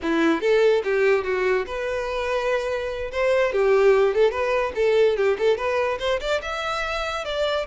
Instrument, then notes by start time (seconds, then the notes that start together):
violin
0.02 E4
0.40 A4
0.84 G4
1.24 F#4
1.66 B4
3.11 C5
3.52 G4
4.14 A4
4.31 B4
4.75 A4
5.16 G4
5.38 A4
5.57 B4
5.99 C5
6.20 D5
6.42 E5
7.25 D5